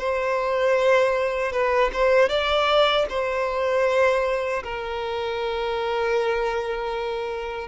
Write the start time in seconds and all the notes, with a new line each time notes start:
0.00 C5
1.53 B4
1.93 C5
2.29 D5
3.10 C5
4.64 A#4